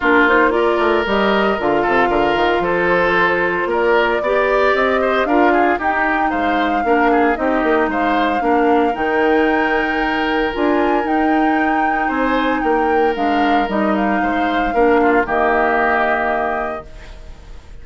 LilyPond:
<<
  \new Staff \with { instrumentName = "flute" } { \time 4/4 \tempo 4 = 114 ais'8 c''8 d''4 dis''4 f''4~ | f''4 c''2 d''4~ | d''4 dis''4 f''4 g''4 | f''2 dis''4 f''4~ |
f''4 g''2. | gis''4 g''2 gis''4 | g''4 f''4 dis''8 f''4.~ | f''4 dis''2. | }
  \new Staff \with { instrumentName = "oboe" } { \time 4/4 f'4 ais'2~ ais'8 a'8 | ais'4 a'2 ais'4 | d''4. c''8 ais'8 gis'8 g'4 | c''4 ais'8 gis'8 g'4 c''4 |
ais'1~ | ais'2. c''4 | ais'2. c''4 | ais'8 f'8 g'2. | }
  \new Staff \with { instrumentName = "clarinet" } { \time 4/4 d'8 dis'8 f'4 g'4 f'4~ | f'1 | g'2 f'4 dis'4~ | dis'4 d'4 dis'2 |
d'4 dis'2. | f'4 dis'2.~ | dis'4 d'4 dis'2 | d'4 ais2. | }
  \new Staff \with { instrumentName = "bassoon" } { \time 4/4 ais4. a8 g4 d8 c8 | d8 dis8 f2 ais4 | b4 c'4 d'4 dis'4 | gis4 ais4 c'8 ais8 gis4 |
ais4 dis2. | d'4 dis'2 c'4 | ais4 gis4 g4 gis4 | ais4 dis2. | }
>>